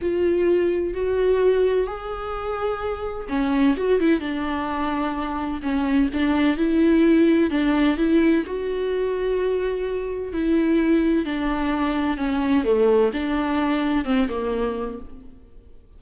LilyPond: \new Staff \with { instrumentName = "viola" } { \time 4/4 \tempo 4 = 128 f'2 fis'2 | gis'2. cis'4 | fis'8 e'8 d'2. | cis'4 d'4 e'2 |
d'4 e'4 fis'2~ | fis'2 e'2 | d'2 cis'4 a4 | d'2 c'8 ais4. | }